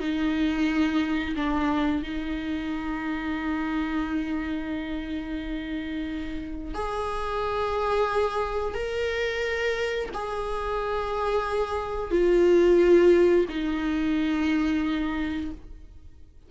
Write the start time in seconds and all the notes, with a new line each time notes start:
0.00 D#4
1.36 D4
2.03 D#4
6.74 G#4
8.74 A#4
10.14 G#4
12.11 F4
13.49 D#4